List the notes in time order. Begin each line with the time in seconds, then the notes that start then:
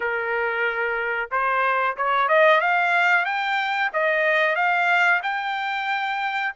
0.00 A#4
1.31 C5
1.96 C#5
2.28 D#5
2.61 F5
3.25 G5
3.93 D#5
4.55 F5
5.22 G5